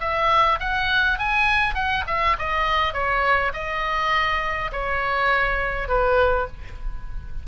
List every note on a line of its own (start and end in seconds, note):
0.00 0.59 E5
0.59 1.18 F#5
1.18 1.74 G#5
1.74 2.04 F#5
2.07 2.36 E5
2.38 2.93 D#5
2.93 3.52 C#5
3.53 4.71 D#5
4.72 5.88 C#5
5.88 6.47 B4